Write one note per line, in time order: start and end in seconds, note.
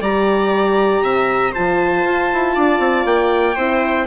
0.00 1.02 G3
0.00 1.54 G4
0.00 1.02 D5
0.00 1.54 A#5
1.02 1.53 C3
1.02 1.51 E5
1.51 3.56 F4
1.51 2.53 C5
1.51 3.06 A5
1.57 2.04 F3
2.04 2.30 F4
2.33 2.56 E4
2.55 2.78 D4
2.55 3.55 D5
2.78 3.04 C4
3.05 3.55 A#3
3.05 4.06 G5
3.55 4.06 C4
3.55 4.06 E4
3.55 4.06 C5